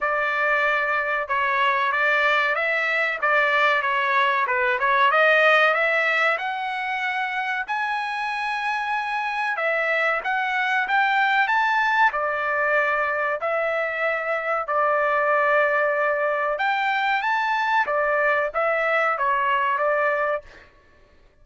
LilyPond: \new Staff \with { instrumentName = "trumpet" } { \time 4/4 \tempo 4 = 94 d''2 cis''4 d''4 | e''4 d''4 cis''4 b'8 cis''8 | dis''4 e''4 fis''2 | gis''2. e''4 |
fis''4 g''4 a''4 d''4~ | d''4 e''2 d''4~ | d''2 g''4 a''4 | d''4 e''4 cis''4 d''4 | }